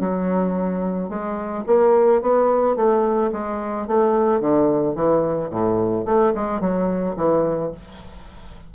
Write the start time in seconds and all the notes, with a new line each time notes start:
0.00 F#3
1.09 G#3
1.66 A#3
2.21 B3
2.76 A3
3.32 G#3
3.87 A3
4.40 D3
4.95 E3
5.50 A2
6.05 A3
6.35 G#3
6.60 F#3
7.16 E3